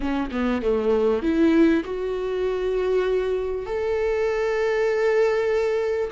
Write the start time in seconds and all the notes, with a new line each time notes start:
0.00 C#4
0.31 B3
0.62 A3
1.22 E4
1.84 F#4
3.66 A4